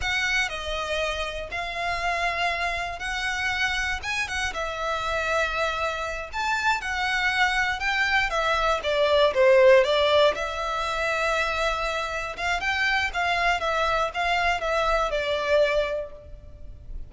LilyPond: \new Staff \with { instrumentName = "violin" } { \time 4/4 \tempo 4 = 119 fis''4 dis''2 f''4~ | f''2 fis''2 | gis''8 fis''8 e''2.~ | e''8 a''4 fis''2 g''8~ |
g''8 e''4 d''4 c''4 d''8~ | d''8 e''2.~ e''8~ | e''8 f''8 g''4 f''4 e''4 | f''4 e''4 d''2 | }